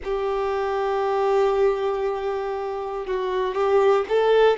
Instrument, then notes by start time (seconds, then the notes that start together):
violin
0.04 G4
3.06 F#4
3.54 G4
4.09 A4